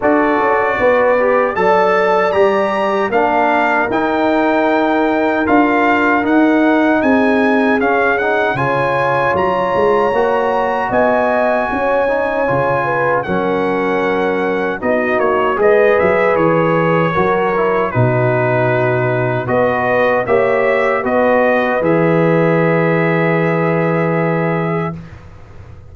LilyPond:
<<
  \new Staff \with { instrumentName = "trumpet" } { \time 4/4 \tempo 4 = 77 d''2 a''4 ais''4 | f''4 g''2 f''4 | fis''4 gis''4 f''8 fis''8 gis''4 | ais''2 gis''2~ |
gis''4 fis''2 dis''8 cis''8 | dis''8 e''8 cis''2 b'4~ | b'4 dis''4 e''4 dis''4 | e''1 | }
  \new Staff \with { instrumentName = "horn" } { \time 4/4 a'4 b'4 d''2 | ais'1~ | ais'4 gis'2 cis''4~ | cis''2 dis''4 cis''4~ |
cis''8 b'8 ais'2 fis'4 | b'2 ais'4 fis'4~ | fis'4 b'4 cis''4 b'4~ | b'1 | }
  \new Staff \with { instrumentName = "trombone" } { \time 4/4 fis'4. g'8 a'4 g'4 | d'4 dis'2 f'4 | dis'2 cis'8 dis'8 f'4~ | f'4 fis'2~ fis'8 dis'8 |
f'4 cis'2 dis'4 | gis'2 fis'8 e'8 dis'4~ | dis'4 fis'4 g'4 fis'4 | gis'1 | }
  \new Staff \with { instrumentName = "tuba" } { \time 4/4 d'8 cis'8 b4 fis4 g4 | ais4 dis'2 d'4 | dis'4 c'4 cis'4 cis4 | fis8 gis8 ais4 b4 cis'4 |
cis4 fis2 b8 ais8 | gis8 fis8 e4 fis4 b,4~ | b,4 b4 ais4 b4 | e1 | }
>>